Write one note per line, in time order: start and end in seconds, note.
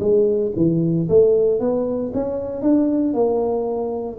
0.00 0.52 G#3
0.56 1.09 E3
1.09 1.60 A3
1.60 2.12 B3
2.14 2.62 C#4
2.62 3.14 D4
3.14 4.19 A#3